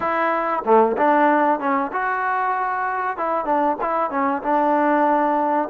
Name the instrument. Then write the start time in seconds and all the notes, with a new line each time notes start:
trombone
0.00 E4
0.65 A3
0.97 D4
1.59 C#4
1.92 F#4
3.17 E4
3.45 D4
3.81 E4
4.10 C#4
4.42 D4